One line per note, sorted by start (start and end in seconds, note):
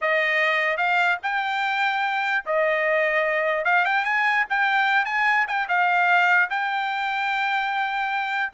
0.01 0.77 D#5
0.77 1.17 F5
1.23 2.44 G5
2.45 3.64 D#5
3.64 3.85 F5
3.85 4.04 G5
4.04 4.45 G#5
4.49 5.05 G5
5.05 5.45 G#5
5.47 5.67 G5
5.68 6.49 F5
6.50 8.52 G5